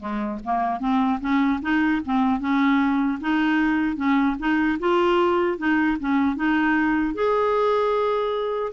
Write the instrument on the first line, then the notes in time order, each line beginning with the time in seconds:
clarinet
0.00 G#3
0.45 A#3
0.81 C4
1.21 C#4
1.63 D#4
2.06 C4
2.40 C#4
3.22 D#4
3.97 C#4
4.40 D#4
4.80 F4
5.58 D#4
6.00 C#4
6.37 D#4
7.15 G#4